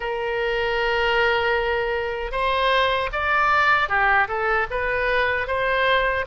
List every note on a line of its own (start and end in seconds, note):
0.00 2.31 A#4
2.31 3.09 C5
3.12 3.88 D5
3.88 4.27 G4
4.28 4.66 A4
4.70 5.47 B4
5.47 6.25 C5